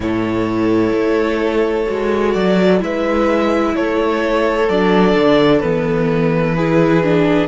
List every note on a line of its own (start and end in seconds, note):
0.00 0.92 A2
0.00 1.86 E4
0.00 2.83 A4
0.00 2.33 C#5
0.92 1.86 A3
1.86 2.35 G#3
1.86 2.79 F#4
2.33 2.81 F#3
2.33 2.80 D5
2.79 3.75 G#3
2.79 4.66 E4
2.79 3.74 B4
2.79 3.75 E5
3.74 4.68 A3
3.74 6.55 A4
3.74 4.69 C#5
4.68 5.15 F#3
4.68 5.62 D4
4.68 5.60 D5
5.15 5.62 D3
5.60 7.48 E3
5.60 6.56 B3
5.60 7.47 B4
6.55 7.03 E4
6.55 7.48 G#4
7.03 7.48 D4